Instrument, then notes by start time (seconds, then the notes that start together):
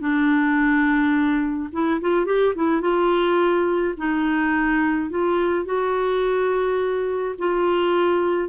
clarinet
0.00 D4
1.72 E4
2.01 F4
2.25 G4
2.55 E4
2.81 F4
3.97 D#4
5.10 F4
5.65 F#4
7.38 F4